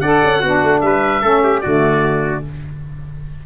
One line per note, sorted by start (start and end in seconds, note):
0.00 0.22 D4
0.00 0.44 A4
0.00 0.39 D5
0.00 0.80 F#5
0.24 0.43 C#4
0.39 0.63 B3
0.39 1.22 D4
0.39 0.80 F#4
0.63 0.82 A3
0.80 1.22 G3
0.80 1.21 B4
0.80 1.61 E5
1.21 1.62 A3
1.21 1.63 C#4
1.21 1.41 A4
1.43 1.63 G4
1.61 2.46 D3
1.61 2.44 A3
1.61 2.44 F#4
1.61 2.41 D5